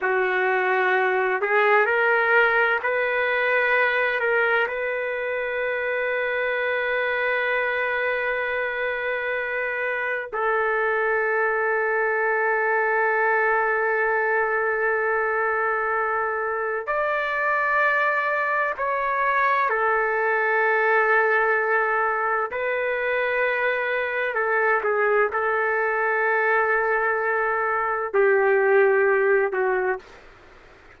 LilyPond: \new Staff \with { instrumentName = "trumpet" } { \time 4/4 \tempo 4 = 64 fis'4. gis'8 ais'4 b'4~ | b'8 ais'8 b'2.~ | b'2. a'4~ | a'1~ |
a'2 d''2 | cis''4 a'2. | b'2 a'8 gis'8 a'4~ | a'2 g'4. fis'8 | }